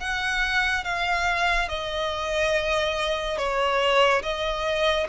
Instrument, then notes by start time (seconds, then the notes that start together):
violin
0.00 F#5
0.84 F5
1.69 D#5
3.38 C#5
4.23 D#5